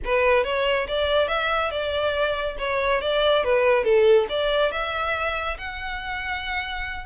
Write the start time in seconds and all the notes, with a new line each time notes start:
0.04 B4
0.44 C#5
0.87 D5
1.28 E5
1.70 D5
2.58 C#5
3.01 D5
3.44 B4
3.84 A4
4.29 D5
4.71 E5
5.58 F#5